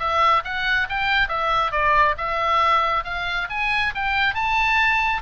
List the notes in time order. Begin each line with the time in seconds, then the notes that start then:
0.00 E5
0.45 F#5
0.90 G5
1.29 E5
1.72 D5
2.18 E5
3.05 F5
3.50 G#5
3.95 G5
4.35 A5